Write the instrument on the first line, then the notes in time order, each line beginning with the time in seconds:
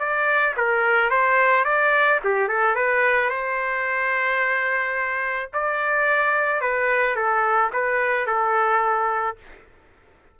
trumpet
0.00 D5
0.57 A#4
1.10 C5
1.65 D5
2.24 G4
2.48 A4
2.76 B4
3.30 C5
5.54 D5
6.62 B4
7.16 A4
7.73 B4
8.27 A4